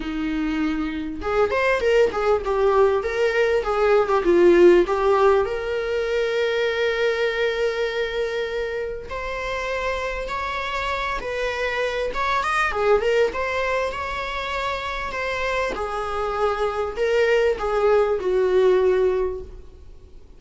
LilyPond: \new Staff \with { instrumentName = "viola" } { \time 4/4 \tempo 4 = 99 dis'2 gis'8 c''8 ais'8 gis'8 | g'4 ais'4 gis'8. g'16 f'4 | g'4 ais'2.~ | ais'2. c''4~ |
c''4 cis''4. b'4. | cis''8 dis''8 gis'8 ais'8 c''4 cis''4~ | cis''4 c''4 gis'2 | ais'4 gis'4 fis'2 | }